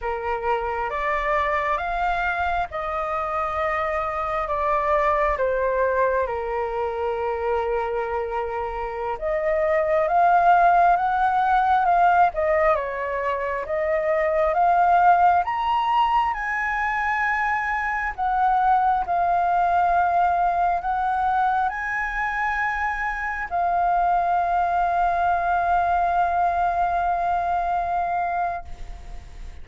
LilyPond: \new Staff \with { instrumentName = "flute" } { \time 4/4 \tempo 4 = 67 ais'4 d''4 f''4 dis''4~ | dis''4 d''4 c''4 ais'4~ | ais'2~ ais'16 dis''4 f''8.~ | f''16 fis''4 f''8 dis''8 cis''4 dis''8.~ |
dis''16 f''4 ais''4 gis''4.~ gis''16~ | gis''16 fis''4 f''2 fis''8.~ | fis''16 gis''2 f''4.~ f''16~ | f''1 | }